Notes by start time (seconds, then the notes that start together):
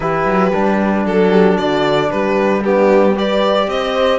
0.00 E3 E4 G4 B4
0.25 F#3
0.52 G3 D4
1.05 F#3 A4
1.30 G4
1.56 D3 F#4 D5
2.10 G3 G4 B4
2.63 B3 D4 G4
3.13 G4 B4 D5
3.67 C4 C5 D#5